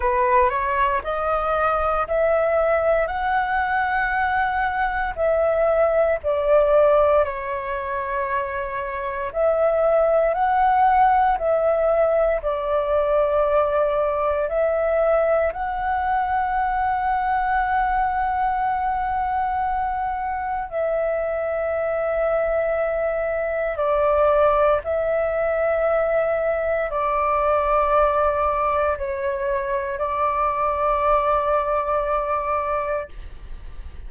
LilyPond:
\new Staff \with { instrumentName = "flute" } { \time 4/4 \tempo 4 = 58 b'8 cis''8 dis''4 e''4 fis''4~ | fis''4 e''4 d''4 cis''4~ | cis''4 e''4 fis''4 e''4 | d''2 e''4 fis''4~ |
fis''1 | e''2. d''4 | e''2 d''2 | cis''4 d''2. | }